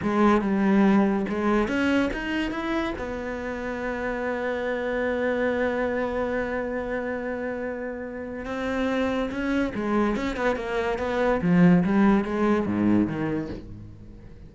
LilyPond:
\new Staff \with { instrumentName = "cello" } { \time 4/4 \tempo 4 = 142 gis4 g2 gis4 | cis'4 dis'4 e'4 b4~ | b1~ | b1~ |
b1 | c'2 cis'4 gis4 | cis'8 b8 ais4 b4 f4 | g4 gis4 gis,4 dis4 | }